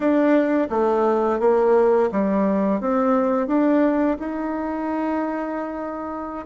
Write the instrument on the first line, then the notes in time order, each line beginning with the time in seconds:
bassoon
0.00 D4
0.69 A3
1.39 A#3
2.11 G3
2.80 C4
3.47 D4
4.19 D#4